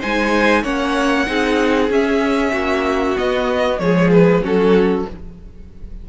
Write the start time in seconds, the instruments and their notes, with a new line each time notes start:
0.00 cello G#3, viola D#4, violin C5 G#5
0.64 cello A#3, viola C#4, violin C#5 F#5
1.27 cello C4, viola D#4, violin G#4
1.90 cello C#4, viola C#4, violin E5
2.53 cello A#3, violin F#4
3.17 viola B3, cello B3, violin D#5
3.79 cello F3, viola G#3, violin G#4 C#5
4.12 violin B4
4.42 cello F#3, viola C#4, violin F#4 A4